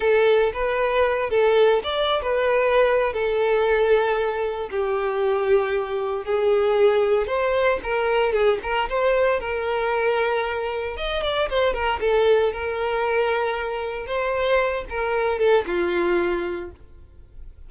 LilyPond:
\new Staff \with { instrumentName = "violin" } { \time 4/4 \tempo 4 = 115 a'4 b'4. a'4 d''8~ | d''16 b'4.~ b'16 a'2~ | a'4 g'2. | gis'2 c''4 ais'4 |
gis'8 ais'8 c''4 ais'2~ | ais'4 dis''8 d''8 c''8 ais'8 a'4 | ais'2. c''4~ | c''8 ais'4 a'8 f'2 | }